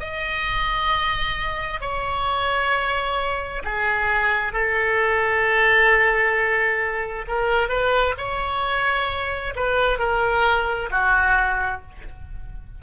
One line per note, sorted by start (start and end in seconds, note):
0.00 1.81 D#5
1.81 3.63 C#5
3.65 4.53 G#4
4.53 7.26 A4
7.28 7.69 A#4
7.69 8.14 B4
8.18 9.54 C#5
9.56 9.99 B4
9.99 10.90 A#4
10.91 11.82 F#4